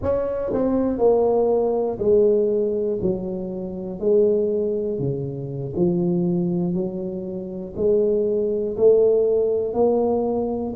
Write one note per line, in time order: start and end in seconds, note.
0.02 0.52 C#4
0.53 0.98 C4
0.98 1.98 A#3
1.98 2.98 G#3
3.01 3.99 F#3
3.99 4.98 G#3
4.98 5.73 C#3
5.75 6.74 F3
6.74 7.74 F#3
7.76 8.76 G#3
8.76 9.73 A3
9.73 10.73 A#3